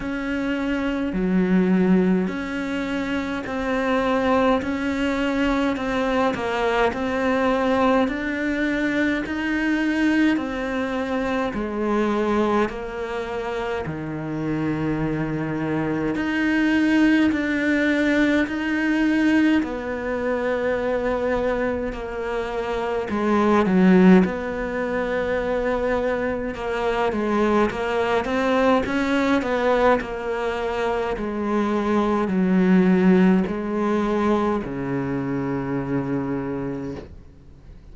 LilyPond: \new Staff \with { instrumentName = "cello" } { \time 4/4 \tempo 4 = 52 cis'4 fis4 cis'4 c'4 | cis'4 c'8 ais8 c'4 d'4 | dis'4 c'4 gis4 ais4 | dis2 dis'4 d'4 |
dis'4 b2 ais4 | gis8 fis8 b2 ais8 gis8 | ais8 c'8 cis'8 b8 ais4 gis4 | fis4 gis4 cis2 | }